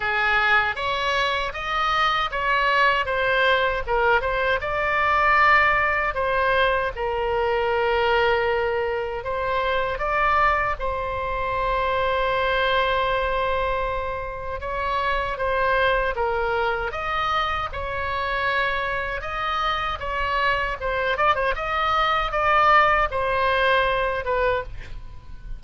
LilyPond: \new Staff \with { instrumentName = "oboe" } { \time 4/4 \tempo 4 = 78 gis'4 cis''4 dis''4 cis''4 | c''4 ais'8 c''8 d''2 | c''4 ais'2. | c''4 d''4 c''2~ |
c''2. cis''4 | c''4 ais'4 dis''4 cis''4~ | cis''4 dis''4 cis''4 c''8 d''16 c''16 | dis''4 d''4 c''4. b'8 | }